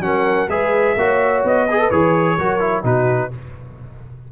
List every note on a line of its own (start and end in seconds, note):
0.00 0.47 F#3
0.00 0.48 C#4
0.00 0.50 A#4
0.00 0.49 F#5
0.48 0.95 G#3
0.48 0.97 G#4
0.48 0.97 B4
0.48 1.43 E5
0.96 1.43 A#3
0.96 1.68 F#4
0.96 1.66 C#5
1.44 1.91 B3
1.44 1.90 D#5
1.66 1.79 G#4
1.66 2.37 B4
1.79 1.91 A4
1.90 2.38 E3
1.90 2.38 G#4
1.90 2.84 C#5
2.37 2.83 F#3
2.37 2.60 F#4
2.37 2.84 A#4
2.60 2.83 E4
2.83 3.30 B2
2.83 3.30 D#4
2.83 3.31 F#4
2.83 3.32 B4